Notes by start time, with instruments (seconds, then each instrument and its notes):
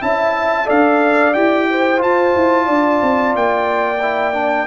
0.00 tuba C#4, trombone E4, horn E5, trumpet A5
0.66 tuba D4, trombone A4, horn D5, trumpet F5
1.34 tuba E4, trombone G4, trumpet G5
1.70 horn C5
1.97 trombone F4, tuba F4, trumpet A5
2.36 tuba E4
2.66 tuba D4, horn D5
3.02 tuba C4
3.36 tuba A#3, trumpet G5
4.02 trombone E4
4.34 trombone D4